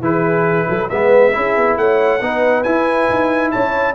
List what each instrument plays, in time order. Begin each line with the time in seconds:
0.00 tuba E3, trombone E4, horn G#4, trumpet B4
0.69 tuba F#3, horn A4
0.89 tuba G#3, trombone B3, horn B4, trumpet E5
1.33 tuba C#4, trombone E4, horn G#4
1.57 tuba B3
1.77 tuba A3, horn C#5, trumpet F#5
2.21 tuba B3, trombone D#4, horn B4
2.64 tuba E4, trombone E4, trumpet G#5
3.10 tuba D#4
3.51 tuba C#4, horn C#5, trumpet A5